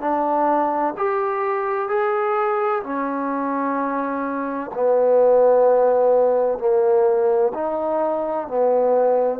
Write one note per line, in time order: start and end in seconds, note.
0.00 0.94 D4
0.97 1.88 G4
1.88 2.82 G#4
2.83 4.70 C#4
4.74 6.58 B3
6.58 7.52 A#3
7.53 8.47 D#4
8.47 9.39 B3